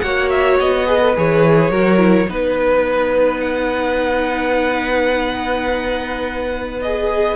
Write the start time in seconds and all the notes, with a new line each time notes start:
0.00 A#3 F#4 C#5 F#5
0.29 E5
0.59 B3 D#5
0.86 G#4 B4
1.01 A4
1.15 E3 G#4 C#5
1.70 F#3 F#4 A#4
1.98 E4
2.28 B3 D#4 B4
3.40 F#5
6.82 G#4 D#5